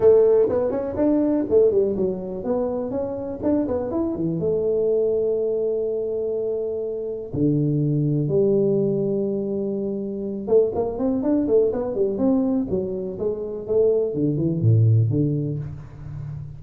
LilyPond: \new Staff \with { instrumentName = "tuba" } { \time 4/4 \tempo 4 = 123 a4 b8 cis'8 d'4 a8 g8 | fis4 b4 cis'4 d'8 b8 | e'8 e8 a2.~ | a2. d4~ |
d4 g2.~ | g4. a8 ais8 c'8 d'8 a8 | b8 g8 c'4 fis4 gis4 | a4 d8 e8 a,4 d4 | }